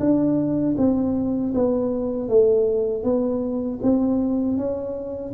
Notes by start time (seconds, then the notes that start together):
0.00 D4
0.78 C4
1.55 B3
2.29 A3
3.03 B3
3.83 C4
4.57 C#4